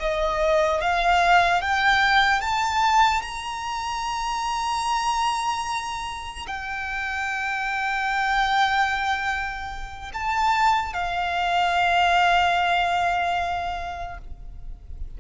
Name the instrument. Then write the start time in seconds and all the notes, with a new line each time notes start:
violin
0.00 D#5
0.81 F5
1.61 G5
2.41 A5
3.22 A#5
6.47 G5
10.14 A5
10.93 F5